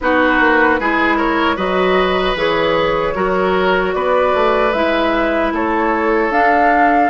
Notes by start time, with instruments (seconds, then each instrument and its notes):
0.00 bassoon B3, clarinet D#4, oboe F#4, flute B4
0.40 bassoon A#3
0.80 bassoon G#3, clarinet E4, oboe G#4
1.17 oboe A#4, flute C#5
1.56 bassoon F#3, clarinet F#4, oboe B4, flute D#5
2.35 bassoon E3, clarinet G#4, flute C#5
3.14 bassoon F#3, clarinet F#4, oboe A#4
3.93 bassoon B3, oboe B4, flute D5
4.34 bassoon A3
4.72 bassoon G#3, clarinet E4, flute E5
5.52 bassoon A3, oboe A4, flute C#5
6.30 bassoon D4, clarinet D4, flute F5